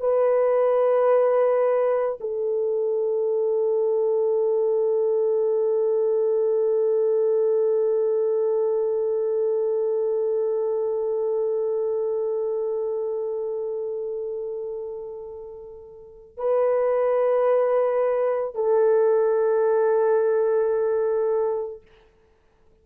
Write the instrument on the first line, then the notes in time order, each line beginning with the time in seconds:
horn
0.00 B4
2.21 A4
16.37 B4
18.55 A4